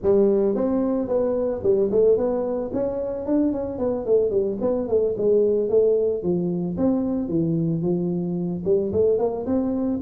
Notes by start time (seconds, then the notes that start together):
0.02 G3
0.55 C4
1.07 B3
1.63 G3
1.91 A3
2.17 B3
2.73 C#4
3.26 D4
3.52 C#4
3.78 B3
4.05 A3
4.30 G3
4.61 B3
4.88 A3
5.17 G#3
5.69 A3
6.23 F3
6.77 C4
7.28 E3
7.82 F3
8.65 G3
8.92 A3
9.18 A#3
9.46 C4